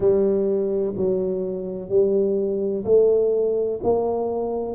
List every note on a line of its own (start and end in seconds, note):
0.00 0.94 G3
0.96 1.89 F#3
1.89 2.84 G3
2.84 3.80 A3
3.83 4.75 A#3